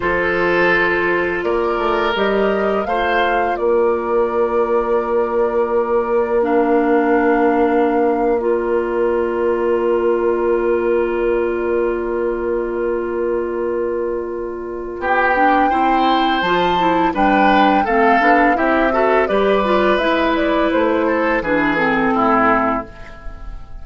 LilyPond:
<<
  \new Staff \with { instrumentName = "flute" } { \time 4/4 \tempo 4 = 84 c''2 d''4 dis''4 | f''4 d''2.~ | d''4 f''2~ f''8. d''16~ | d''1~ |
d''1~ | d''4 g''2 a''4 | g''4 f''4 e''4 d''4 | e''8 d''8 c''4 b'8 a'4. | }
  \new Staff \with { instrumentName = "oboe" } { \time 4/4 a'2 ais'2 | c''4 ais'2.~ | ais'1~ | ais'1~ |
ais'1~ | ais'4 g'4 c''2 | b'4 a'4 g'8 a'8 b'4~ | b'4. a'8 gis'4 e'4 | }
  \new Staff \with { instrumentName = "clarinet" } { \time 4/4 f'2. g'4 | f'1~ | f'4 d'2~ d'8. f'16~ | f'1~ |
f'1~ | f'4. d'8 e'4 f'8 e'8 | d'4 c'8 d'8 e'8 fis'8 g'8 f'8 | e'2 d'8 c'4. | }
  \new Staff \with { instrumentName = "bassoon" } { \time 4/4 f2 ais8 a8 g4 | a4 ais2.~ | ais1~ | ais1~ |
ais1~ | ais4 b4 c'4 f4 | g4 a8 b8 c'4 g4 | gis4 a4 e4 a,4 | }
>>